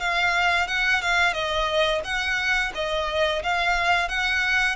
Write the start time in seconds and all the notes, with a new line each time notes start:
0.00 F5
0.68 F#5
1.02 F5
1.34 D#5
2.04 F#5
2.75 D#5
3.43 F5
4.08 F#5